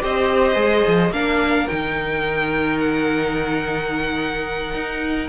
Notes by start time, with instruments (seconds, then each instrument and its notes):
0.00 cello C4, viola G4, violin C5 D#5
0.55 cello G#3, viola G#4
0.87 cello F3
1.10 cello A#3, viola D4, violin A#4 F5
1.68 cello D#3, viola D#4, violin G5
2.78 violin F#5
4.74 cello D#4